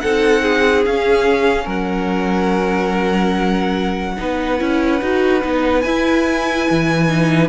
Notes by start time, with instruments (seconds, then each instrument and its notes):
0.00 cello C4, viola D#4, violin A4 F#5
0.42 violin G#4
0.86 cello C#4, viola C#4, violin F5
1.64 cello F#3, violin A#4 F#5
4.17 cello B3, viola D#4, violin B4
4.59 cello C#4, viola E4
5.01 cello D#4, viola F#4
5.41 cello B3, viola D#4
5.81 cello E4, viola E4, violin G#5
6.70 cello E3
7.08 viola D#4